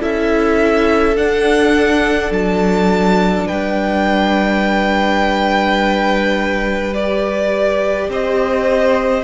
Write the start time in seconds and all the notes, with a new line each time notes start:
0.00 C#4 E4 A4 E5
1.16 D4 F#5
2.31 F#3 A5
3.46 G3 B4 G5
6.94 G4 D5
8.09 C4 C5 D#5